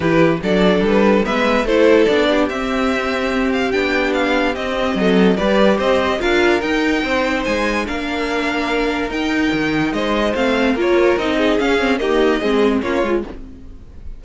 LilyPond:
<<
  \new Staff \with { instrumentName = "violin" } { \time 4/4 \tempo 4 = 145 b'4 d''4 b'4 e''4 | c''4 d''4 e''2~ | e''8 f''8 g''4 f''4 dis''4~ | dis''4 d''4 dis''4 f''4 |
g''2 gis''4 f''4~ | f''2 g''2 | dis''4 f''4 cis''4 dis''4 | f''4 dis''2 cis''4 | }
  \new Staff \with { instrumentName = "violin" } { \time 4/4 g'4 a'2 b'4 | a'4. g'2~ g'8~ | g'1 | a'4 b'4 c''4 ais'4~ |
ais'4 c''2 ais'4~ | ais'1 | c''2 ais'4. gis'8~ | gis'4 g'4 gis'4 f'4 | }
  \new Staff \with { instrumentName = "viola" } { \time 4/4 e'4 d'2 b4 | e'4 d'4 c'2~ | c'4 d'2 c'4~ | c'4 g'2 f'4 |
dis'2. d'4~ | d'2 dis'2~ | dis'4 c'4 f'4 dis'4 | cis'8 c'8 ais4 c'4 cis'8 f'8 | }
  \new Staff \with { instrumentName = "cello" } { \time 4/4 e4 fis4 g4 gis4 | a4 b4 c'2~ | c'4 b2 c'4 | fis4 g4 c'4 d'4 |
dis'4 c'4 gis4 ais4~ | ais2 dis'4 dis4 | gis4 a4 ais4 c'4 | cis'4 dis'4 gis4 ais8 gis8 | }
>>